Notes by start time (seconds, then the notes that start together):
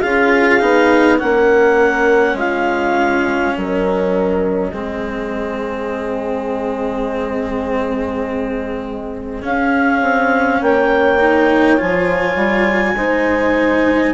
0.00 C#4 F4 G#4 F5
0.60 B3 D#4
1.18 A#3 C#4 A#4 F#5
2.34 G#3 F4 F5
3.56 F#3 A#4 D#5
4.71 G#3 C4 G#4
9.42 C#4 F5
10.02 C4
10.61 A#3 C#5 G5
11.19 D#4
11.77 F3 F4 G#5
12.35 G3
12.96 G#3 D#4 C5